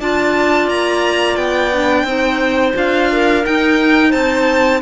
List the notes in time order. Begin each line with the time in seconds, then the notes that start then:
0.00 D4 F4 D5 A5
0.68 A#3 A#5
1.36 B3 G5
1.73 D4
2.04 C4 D#4 C5
2.74 D4 F4 F5
3.13 A#4
3.46 D#4 G5
4.10 C4 C5 A5